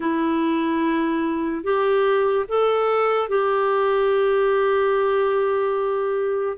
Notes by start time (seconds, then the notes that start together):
0.00 E4
1.63 G4
2.48 A4
3.29 G4